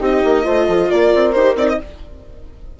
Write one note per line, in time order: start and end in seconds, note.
0.00 0.23 C4
0.00 0.44 D#4
0.00 0.44 G4
0.00 0.90 D#5
0.24 0.46 A#3
0.44 0.68 A3
0.44 1.33 F4
0.44 0.66 C5
0.67 0.90 F3
0.67 0.89 A4
0.90 1.14 A#3
0.90 1.80 A#4
0.90 1.33 D5
1.14 1.35 C4
1.33 1.55 D#4
1.33 1.57 G4
1.33 1.55 C5
1.55 1.77 C4
1.55 1.79 D#4
1.55 1.69 D5
1.69 1.80 D#5